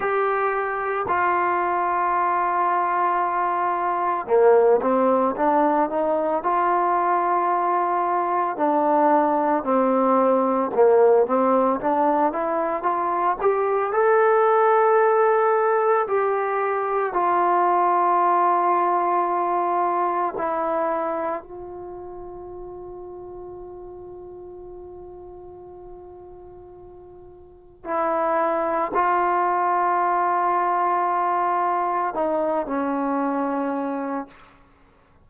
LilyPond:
\new Staff \with { instrumentName = "trombone" } { \time 4/4 \tempo 4 = 56 g'4 f'2. | ais8 c'8 d'8 dis'8 f'2 | d'4 c'4 ais8 c'8 d'8 e'8 | f'8 g'8 a'2 g'4 |
f'2. e'4 | f'1~ | f'2 e'4 f'4~ | f'2 dis'8 cis'4. | }